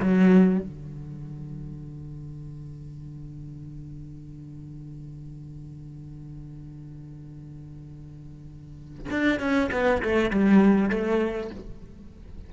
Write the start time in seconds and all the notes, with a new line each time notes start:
0.00 F#3
0.60 D3
9.11 D4
9.40 C#4
9.72 B3
10.03 A3
10.31 G3
10.90 A3